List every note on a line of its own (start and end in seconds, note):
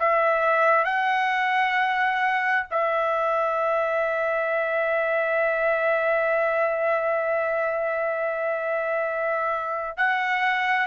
0.00 0.85 E5
0.85 2.67 F#5
2.71 9.98 E5
9.98 10.87 F#5